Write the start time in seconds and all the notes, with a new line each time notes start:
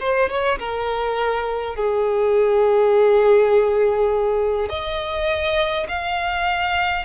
0.00 C5
0.29 C#5
0.59 A#4
1.76 G#4
4.70 D#5
5.88 F5